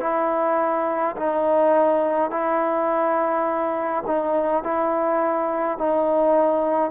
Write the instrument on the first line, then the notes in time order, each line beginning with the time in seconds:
trombone
0.00 E4
1.16 D#4
2.30 E4
4.06 D#4
4.63 E4
5.78 D#4